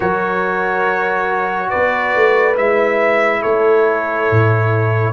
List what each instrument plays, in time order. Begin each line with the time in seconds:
0.00 tuba F#3, trombone F#4, horn A#4, trumpet C#5
1.69 tuba B3, horn B4, trumpet D5
2.15 tuba A3
2.56 tuba G#3, trombone E4, trumpet E5
3.41 tuba A3, horn A4, trumpet C#5
4.30 tuba A2